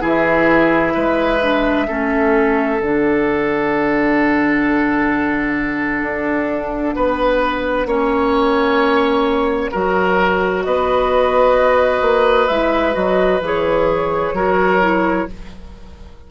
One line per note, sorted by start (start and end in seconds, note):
0.00 0.95 E3
0.00 1.38 E4
0.00 0.93 G#4
0.00 2.82 E5
0.94 1.88 G#3
0.94 1.87 B4
1.41 1.87 D4
1.88 2.81 A3
1.88 2.80 C#4
1.88 6.95 A4
2.81 6.02 D3
2.81 7.87 D4
2.81 10.63 F#5
6.02 6.95 D4
6.95 7.86 B3
6.95 7.87 B4
7.86 9.70 A#3
7.86 9.72 C#4
7.86 9.71 C#5
9.71 10.66 F#3
9.71 12.49 F#4
9.71 10.63 A#4
10.63 12.02 B3
10.63 14.35 B4
10.63 12.48 D#5
12.02 12.48 A#3
12.48 12.95 G#3
12.48 12.93 E4
12.48 12.94 E5
12.93 13.41 F#3
12.93 13.39 F#4
12.93 13.41 D#5
13.41 14.33 E3
13.41 14.35 G#4
13.41 15.31 C#5
14.33 15.26 F#3
14.33 14.80 F#4
14.33 15.27 A#4
14.80 15.27 E4